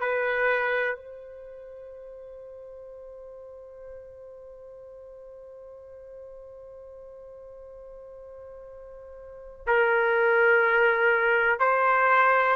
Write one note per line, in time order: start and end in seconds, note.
0.00 0.95 B4
0.95 9.66 C5
9.67 11.60 A#4
11.60 12.56 C5